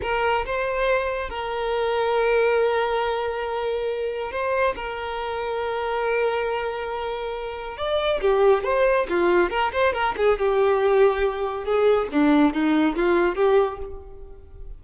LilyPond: \new Staff \with { instrumentName = "violin" } { \time 4/4 \tempo 4 = 139 ais'4 c''2 ais'4~ | ais'1~ | ais'2 c''4 ais'4~ | ais'1~ |
ais'2 d''4 g'4 | c''4 f'4 ais'8 c''8 ais'8 gis'8 | g'2. gis'4 | d'4 dis'4 f'4 g'4 | }